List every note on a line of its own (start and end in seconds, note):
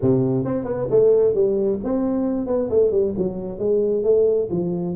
0.01 0.44 C3
0.44 0.64 C4
0.64 0.87 B3
0.90 1.34 A3
1.34 1.79 G3
1.84 2.46 C4
2.46 2.69 B3
2.70 2.91 A3
2.91 3.14 G3
3.17 3.58 F#3
3.58 4.03 G#3
4.03 4.48 A3
4.51 4.95 F3